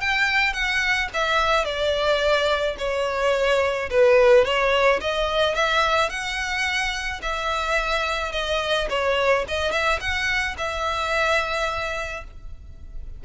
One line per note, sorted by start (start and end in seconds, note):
0.00 0.53 G5
0.53 1.09 F#5
1.13 1.65 E5
1.65 2.76 D5
2.78 3.89 C#5
3.90 4.44 B4
4.44 5.00 C#5
5.01 5.55 D#5
5.55 6.09 E5
6.09 7.20 F#5
7.22 8.32 E5
8.32 8.87 D#5
8.90 9.45 C#5
9.48 9.71 D#5
9.71 9.99 E5
10.00 10.56 F#5
10.57 12.24 E5